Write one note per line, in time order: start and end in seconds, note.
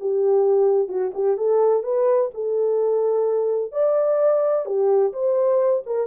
0.00 0.88 G4
0.88 1.12 F#4
1.14 1.37 G4
1.37 1.83 A4
1.83 2.30 B4
2.34 3.72 A4
3.72 4.66 D5
4.66 5.12 G4
5.13 5.83 C5
5.86 6.07 A#4